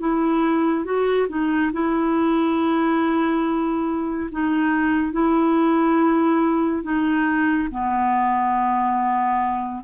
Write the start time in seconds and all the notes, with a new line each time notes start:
0.00 E4
0.85 F#4
1.29 D#4
1.73 E4
4.32 D#4
5.13 E4
6.83 D#4
7.71 B3